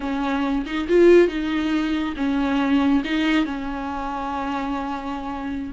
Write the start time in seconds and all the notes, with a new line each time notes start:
0.00 C#4
0.66 D#4
0.88 F4
1.28 D#4
2.16 C#4
3.04 D#4
3.45 C#4